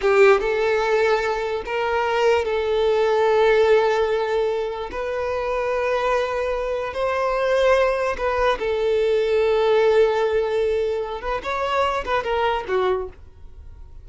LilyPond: \new Staff \with { instrumentName = "violin" } { \time 4/4 \tempo 4 = 147 g'4 a'2. | ais'2 a'2~ | a'1 | b'1~ |
b'4 c''2. | b'4 a'2.~ | a'2.~ a'8 b'8 | cis''4. b'8 ais'4 fis'4 | }